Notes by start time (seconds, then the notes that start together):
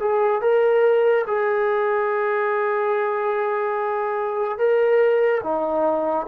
0.00 G#4
0.42 A#4
1.28 G#4
4.59 A#4
5.44 D#4